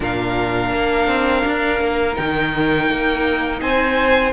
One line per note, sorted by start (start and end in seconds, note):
0.00 0.71 A#2
0.00 2.13 D4
0.00 3.60 A#4
0.00 2.16 F5
0.72 1.07 A#3
1.07 1.43 C4
1.46 1.80 D4
1.80 2.17 A#3
2.13 2.90 D#3
2.13 4.30 D#4
2.13 3.60 G5
2.90 3.61 A#3
3.61 4.32 C4
3.61 4.32 C5
3.61 4.32 G#5